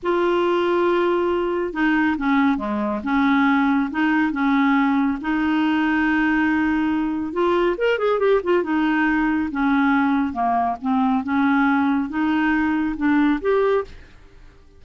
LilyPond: \new Staff \with { instrumentName = "clarinet" } { \time 4/4 \tempo 4 = 139 f'1 | dis'4 cis'4 gis4 cis'4~ | cis'4 dis'4 cis'2 | dis'1~ |
dis'4 f'4 ais'8 gis'8 g'8 f'8 | dis'2 cis'2 | ais4 c'4 cis'2 | dis'2 d'4 g'4 | }